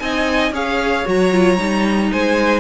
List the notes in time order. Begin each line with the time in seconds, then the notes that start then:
0.00 C4 D#4 D#5 G#5
0.52 C#4 G#4 C#5 F5
1.06 F#3 F#4 A#5
1.32 F4
1.58 G3 D#4
2.12 G#3 C5 G#5